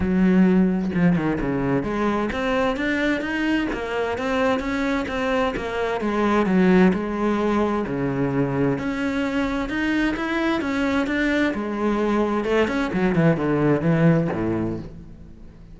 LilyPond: \new Staff \with { instrumentName = "cello" } { \time 4/4 \tempo 4 = 130 fis2 f8 dis8 cis4 | gis4 c'4 d'4 dis'4 | ais4 c'4 cis'4 c'4 | ais4 gis4 fis4 gis4~ |
gis4 cis2 cis'4~ | cis'4 dis'4 e'4 cis'4 | d'4 gis2 a8 cis'8 | fis8 e8 d4 e4 a,4 | }